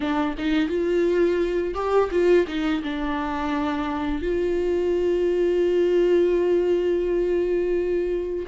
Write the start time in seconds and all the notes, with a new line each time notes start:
0.00 D4
0.38 D#4
0.68 F4
1.74 G4
2.11 F4
2.47 D#4
2.83 D4
4.22 F4